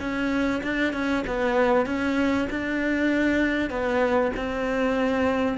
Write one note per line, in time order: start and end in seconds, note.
0.00 0.62 C#4
0.63 0.93 D4
0.93 1.24 C#4
1.27 1.86 B3
1.86 2.48 C#4
2.50 3.70 D4
3.70 4.32 B3
4.36 5.58 C4